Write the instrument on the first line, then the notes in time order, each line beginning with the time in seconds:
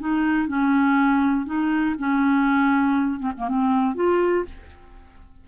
clarinet
0.00 D#4
0.48 C#4
1.46 D#4
1.99 C#4
3.20 C4
3.37 A#3
3.48 C4
3.95 F4